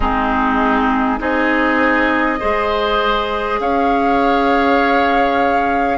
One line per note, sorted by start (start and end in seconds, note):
0.00 1.19 G#3
0.00 1.19 C4
0.00 1.19 D#4
0.00 1.20 G#4
1.19 2.39 C4
1.19 2.39 D#4
1.19 2.39 G#4
1.19 3.60 D#5
2.39 3.59 G#3
2.39 5.98 G#4
2.39 3.59 C5
3.59 5.98 C#4
3.59 5.98 C#5
3.59 5.98 F5